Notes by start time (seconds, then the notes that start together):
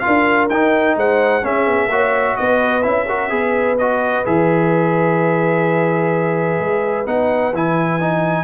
0.00 F4 A#4 F5
0.07 D4
0.50 D#4 G5
0.97 G#3 C5 F#5
1.42 C#4 G#4 E5
1.67 B3
1.88 A#3 F#4 C#5
2.37 B3 B4 D#5
2.83 C#4 E4 E5
3.09 F#4 A#4
3.30 B3 G#4 B4
3.78 F#4 D#5
4.25 E3 G#4 E5
6.60 G#3
7.06 B3 D#4 F#5
7.54 E3 E4 G#5
8.01 D#4